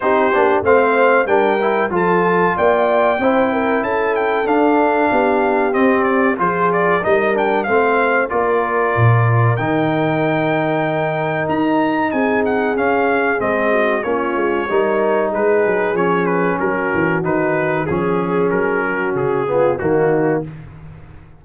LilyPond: <<
  \new Staff \with { instrumentName = "trumpet" } { \time 4/4 \tempo 4 = 94 c''4 f''4 g''4 a''4 | g''2 a''8 g''8 f''4~ | f''4 dis''8 d''8 c''8 d''8 dis''8 g''8 | f''4 d''2 g''4~ |
g''2 ais''4 gis''8 fis''8 | f''4 dis''4 cis''2 | b'4 cis''8 b'8 ais'4 b'4 | gis'4 ais'4 gis'4 fis'4 | }
  \new Staff \with { instrumentName = "horn" } { \time 4/4 g'4 c''4 ais'4 a'4 | d''4 c''8 ais'8 a'2 | g'2 gis'4 ais'4 | c''4 ais'2.~ |
ais'2. gis'4~ | gis'4. fis'8 f'4 ais'4 | gis'2 fis'2 | gis'4. fis'4 f'8 dis'4 | }
  \new Staff \with { instrumentName = "trombone" } { \time 4/4 dis'8 d'8 c'4 d'8 e'8 f'4~ | f'4 e'2 d'4~ | d'4 c'4 f'4 dis'8 d'8 | c'4 f'2 dis'4~ |
dis'1 | cis'4 c'4 cis'4 dis'4~ | dis'4 cis'2 dis'4 | cis'2~ cis'8 b8 ais4 | }
  \new Staff \with { instrumentName = "tuba" } { \time 4/4 c'8 ais8 a4 g4 f4 | ais4 c'4 cis'4 d'4 | b4 c'4 f4 g4 | a4 ais4 ais,4 dis4~ |
dis2 dis'4 c'4 | cis'4 gis4 ais8 gis8 g4 | gis8 fis8 f4 fis8 e8 dis4 | f4 fis4 cis4 dis4 | }
>>